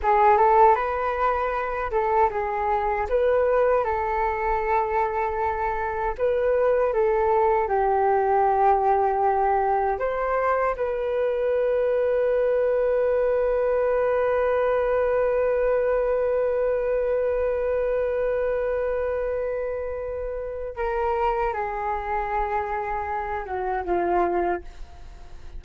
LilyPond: \new Staff \with { instrumentName = "flute" } { \time 4/4 \tempo 4 = 78 gis'8 a'8 b'4. a'8 gis'4 | b'4 a'2. | b'4 a'4 g'2~ | g'4 c''4 b'2~ |
b'1~ | b'1~ | b'2. ais'4 | gis'2~ gis'8 fis'8 f'4 | }